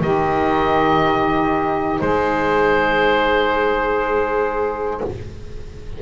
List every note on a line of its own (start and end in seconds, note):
0.00 2.00 D#3
0.00 5.01 D#4
0.00 2.01 G4
0.00 2.00 D#5
2.00 5.01 G#3
2.00 5.01 G#4
2.00 5.00 C5